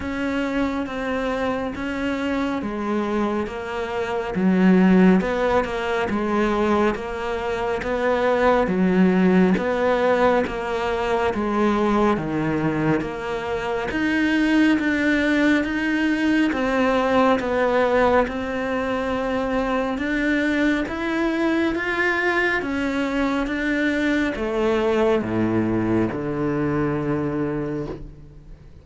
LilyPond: \new Staff \with { instrumentName = "cello" } { \time 4/4 \tempo 4 = 69 cis'4 c'4 cis'4 gis4 | ais4 fis4 b8 ais8 gis4 | ais4 b4 fis4 b4 | ais4 gis4 dis4 ais4 |
dis'4 d'4 dis'4 c'4 | b4 c'2 d'4 | e'4 f'4 cis'4 d'4 | a4 a,4 d2 | }